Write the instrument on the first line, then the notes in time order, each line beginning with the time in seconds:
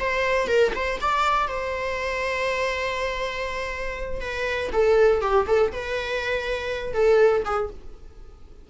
viola
0.00 C5
0.48 A#4
0.76 C5
1.01 D5
1.48 C5
4.21 B4
4.73 A4
5.22 G4
5.47 A4
5.72 B4
6.94 A4
7.46 G#4